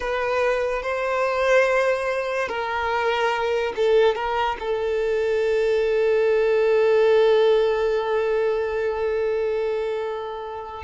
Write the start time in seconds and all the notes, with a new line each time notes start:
0.00 B4
0.82 C5
2.48 A#4
3.75 A4
4.15 A#4
4.59 A4